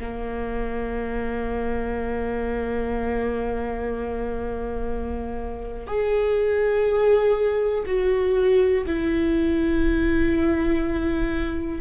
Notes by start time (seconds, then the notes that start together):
0.00 A#3
5.87 G#4
7.86 F#4
8.86 E4